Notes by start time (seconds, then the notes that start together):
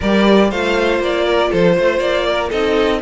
0.00 G3 G4 A#4 D5
0.49 A3 F4 C5 F5
0.99 A#3 D5
1.24 A#4
1.50 F3 A4 C5
1.77 A3 C5
1.99 A#3 D5
2.28 A#4
2.49 C4 D#4 A4 D#5